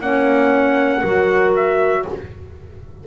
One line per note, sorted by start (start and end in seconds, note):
0.00 1.02 A#3
0.00 1.03 C#4
0.00 1.01 C#5
0.00 1.54 F#5
1.01 2.05 F#3
1.01 2.06 F#4
1.01 2.03 A#4
1.55 2.06 E5